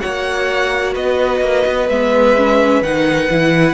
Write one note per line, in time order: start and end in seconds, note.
0.00 0.96 A#3
0.00 1.88 F#4
0.00 0.95 C#5
0.00 0.94 F#5
0.95 1.41 B3
0.95 3.74 B4
0.95 1.90 D#5
1.41 1.65 A#3
1.67 1.89 B3
1.89 2.82 G#3
1.89 2.36 B3
1.89 2.83 E5
2.36 2.83 C#4
2.82 3.29 D#3
2.82 3.30 D#4
2.82 3.74 F#5
3.30 3.74 E3
3.30 3.74 E4